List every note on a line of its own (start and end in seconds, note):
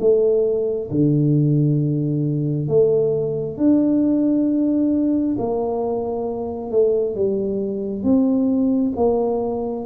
0.00 0.90 A3
0.90 2.68 D3
2.68 3.57 A3
3.57 5.36 D4
5.39 6.71 A#3
6.71 7.15 A3
7.15 8.03 G3
8.03 8.93 C4
8.96 9.85 A#3